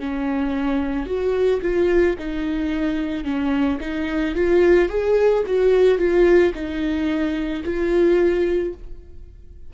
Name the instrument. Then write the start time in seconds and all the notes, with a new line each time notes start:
viola
0.00 C#4
1.07 F#4
1.62 F4
2.19 D#4
3.25 C#4
3.81 D#4
4.35 F4
4.89 G#4
5.46 F#4
5.99 F4
6.55 D#4
7.65 F4